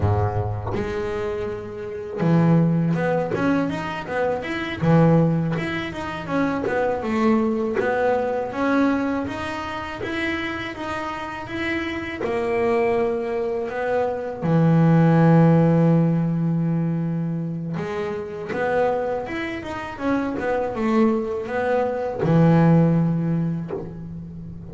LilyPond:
\new Staff \with { instrumentName = "double bass" } { \time 4/4 \tempo 4 = 81 gis,4 gis2 e4 | b8 cis'8 dis'8 b8 e'8 e4 e'8 | dis'8 cis'8 b8 a4 b4 cis'8~ | cis'8 dis'4 e'4 dis'4 e'8~ |
e'8 ais2 b4 e8~ | e1 | gis4 b4 e'8 dis'8 cis'8 b8 | a4 b4 e2 | }